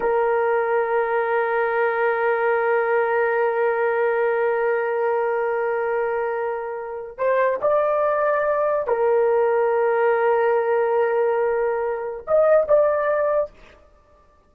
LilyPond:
\new Staff \with { instrumentName = "horn" } { \time 4/4 \tempo 4 = 142 ais'1~ | ais'1~ | ais'1~ | ais'1~ |
ais'4 c''4 d''2~ | d''4 ais'2.~ | ais'1~ | ais'4 dis''4 d''2 | }